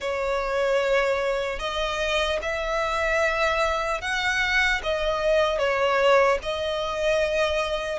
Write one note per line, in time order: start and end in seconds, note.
0.00 1.59 C#5
1.59 2.39 D#5
2.42 4.01 E5
4.01 4.81 F#5
4.83 5.58 D#5
5.58 6.38 C#5
6.42 7.99 D#5